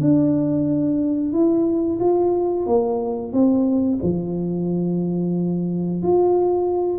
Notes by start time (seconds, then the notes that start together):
0.00 D4
1.33 E4
2.00 F4
2.66 A#3
3.32 C4
4.02 F3
6.02 F4